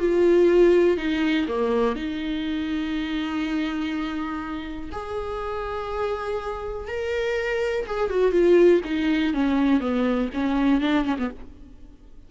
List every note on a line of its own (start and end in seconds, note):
0.00 0.98 F4
0.98 1.47 D#4
1.48 1.96 A#3
1.96 4.91 D#4
4.93 6.88 G#4
6.88 7.86 A#4
7.87 8.11 G#4
8.11 8.32 F#4
8.32 8.82 F4
8.85 9.34 D#4
9.34 9.81 C#4
9.81 10.30 B3
10.34 10.81 C#4
10.81 11.05 D4
11.05 11.18 C#4
11.19 11.31 B3